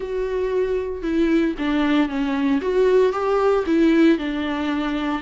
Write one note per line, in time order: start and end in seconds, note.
0.00 1.02 F#4
1.02 1.54 E4
1.58 2.08 D4
2.08 2.60 C#4
2.61 3.12 F#4
3.12 3.64 G4
3.66 4.18 E4
4.18 5.22 D4